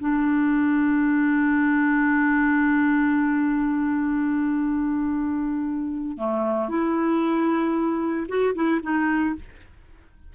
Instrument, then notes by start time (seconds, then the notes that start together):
clarinet
0.00 D4
6.18 A3
6.69 E4
8.29 F#4
8.55 E4
8.83 D#4